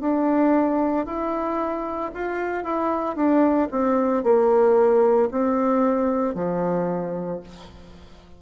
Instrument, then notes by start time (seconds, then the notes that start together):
bassoon
0.00 D4
1.05 E4
2.14 F4
2.64 E4
3.16 D4
3.71 C4
4.23 A#3
5.31 C4
6.34 F3